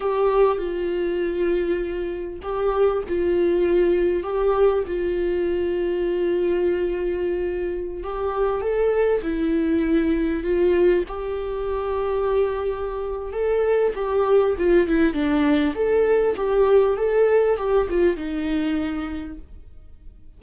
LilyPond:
\new Staff \with { instrumentName = "viola" } { \time 4/4 \tempo 4 = 99 g'4 f'2. | g'4 f'2 g'4 | f'1~ | f'4~ f'16 g'4 a'4 e'8.~ |
e'4~ e'16 f'4 g'4.~ g'16~ | g'2 a'4 g'4 | f'8 e'8 d'4 a'4 g'4 | a'4 g'8 f'8 dis'2 | }